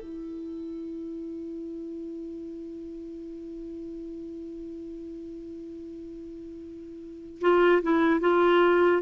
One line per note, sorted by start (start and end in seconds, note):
0.00 7.40 E4
7.41 7.82 F4
7.82 8.20 E4
8.20 9.02 F4